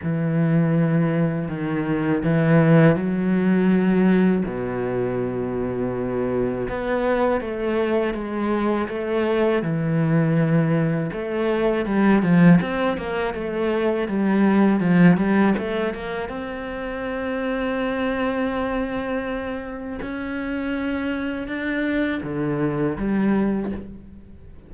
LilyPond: \new Staff \with { instrumentName = "cello" } { \time 4/4 \tempo 4 = 81 e2 dis4 e4 | fis2 b,2~ | b,4 b4 a4 gis4 | a4 e2 a4 |
g8 f8 c'8 ais8 a4 g4 | f8 g8 a8 ais8 c'2~ | c'2. cis'4~ | cis'4 d'4 d4 g4 | }